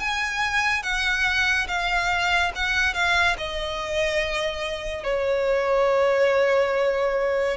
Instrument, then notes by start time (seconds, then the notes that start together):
violin
0.00 G#5
0.83 F#5
1.68 F5
2.55 F#5
2.94 F5
3.38 D#5
5.04 C#5